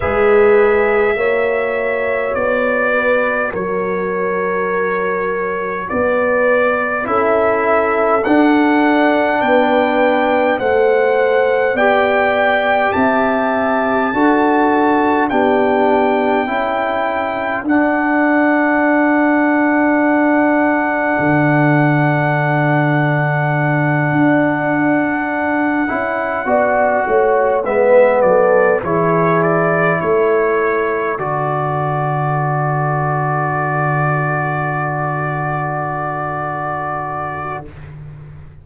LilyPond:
<<
  \new Staff \with { instrumentName = "trumpet" } { \time 4/4 \tempo 4 = 51 e''2 d''4 cis''4~ | cis''4 d''4 e''4 fis''4 | g''4 fis''4 g''4 a''4~ | a''4 g''2 fis''4~ |
fis''1~ | fis''2.~ fis''8 e''8 | d''8 cis''8 d''8 cis''4 d''4.~ | d''1 | }
  \new Staff \with { instrumentName = "horn" } { \time 4/4 b'4 cis''4. b'8 ais'4~ | ais'4 b'4 a'2 | b'4 c''4 d''4 e''4 | a'4 g'4 a'2~ |
a'1~ | a'2~ a'8 d''8 cis''8 b'8 | a'8 gis'4 a'2~ a'8~ | a'1 | }
  \new Staff \with { instrumentName = "trombone" } { \time 4/4 gis'4 fis'2.~ | fis'2 e'4 d'4~ | d'4 a'4 g'2 | fis'4 d'4 e'4 d'4~ |
d'1~ | d'2 e'8 fis'4 b8~ | b8 e'2 fis'4.~ | fis'1 | }
  \new Staff \with { instrumentName = "tuba" } { \time 4/4 gis4 ais4 b4 fis4~ | fis4 b4 cis'4 d'4 | b4 a4 b4 c'4 | d'4 b4 cis'4 d'4~ |
d'2 d2~ | d8 d'4. cis'8 b8 a8 gis8 | fis8 e4 a4 d4.~ | d1 | }
>>